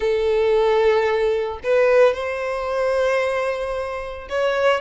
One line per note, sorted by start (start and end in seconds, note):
0.00 1.59 A4
1.63 2.14 B4
2.14 4.28 C5
4.29 4.80 C#5